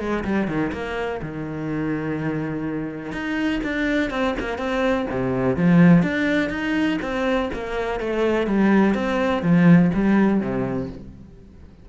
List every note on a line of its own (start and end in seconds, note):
0.00 0.24 G#3
0.25 0.48 G3
0.48 0.72 D#3
0.73 1.21 A#3
1.22 3.12 D#3
3.12 3.61 D#4
3.64 4.11 D4
4.11 4.35 C4
4.40 4.58 A#3
4.58 5.07 C4
5.10 5.57 C3
5.57 6.03 F3
6.03 6.50 D4
6.50 6.98 D#4
7.02 7.50 C4
7.54 8.00 A#3
8.00 8.47 A3
8.47 8.94 G3
8.94 9.43 C4
9.43 9.91 F3
9.94 10.41 G3
10.41 10.89 C3